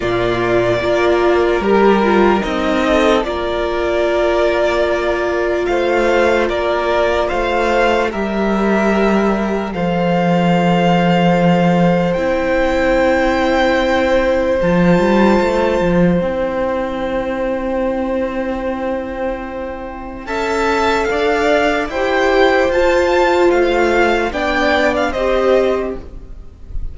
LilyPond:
<<
  \new Staff \with { instrumentName = "violin" } { \time 4/4 \tempo 4 = 74 d''2 ais'4 dis''4 | d''2. f''4 | d''4 f''4 e''2 | f''2. g''4~ |
g''2 a''2 | g''1~ | g''4 a''4 f''4 g''4 | a''4 f''4 g''8. f''16 dis''4 | }
  \new Staff \with { instrumentName = "violin" } { \time 4/4 f'4 ais'2~ ais'8 a'8 | ais'2. c''4 | ais'4 c''4 ais'2 | c''1~ |
c''1~ | c''1~ | c''4 e''4 d''4 c''4~ | c''2 d''4 c''4 | }
  \new Staff \with { instrumentName = "viola" } { \time 4/4 ais4 f'4 g'8 f'8 dis'4 | f'1~ | f'2 g'2 | a'2. e'4~ |
e'2 f'2 | e'1~ | e'4 a'2 g'4 | f'2 d'4 g'4 | }
  \new Staff \with { instrumentName = "cello" } { \time 4/4 ais,4 ais4 g4 c'4 | ais2. a4 | ais4 a4 g2 | f2. c'4~ |
c'2 f8 g8 a8 f8 | c'1~ | c'4 cis'4 d'4 e'4 | f'4 a4 b4 c'4 | }
>>